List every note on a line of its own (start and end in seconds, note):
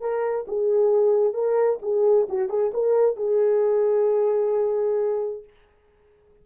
0.00 0.45 A#4
0.47 1.33 G#4
1.33 1.79 A#4
1.82 2.27 G#4
2.29 2.49 F#4
2.49 2.71 G#4
2.73 3.16 A#4
3.16 5.43 G#4